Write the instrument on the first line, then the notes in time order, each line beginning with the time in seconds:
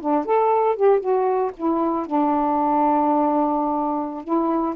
saxophone
0.00 D4
0.25 A4
0.76 G4
1.00 F#4
1.57 E4
2.06 D4
4.24 E4